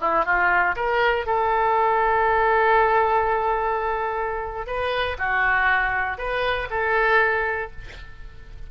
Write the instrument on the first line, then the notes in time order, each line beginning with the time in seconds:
oboe
0.00 E4
0.25 F4
0.76 A#4
1.26 A4
4.66 B4
5.18 F#4
6.17 B4
6.70 A4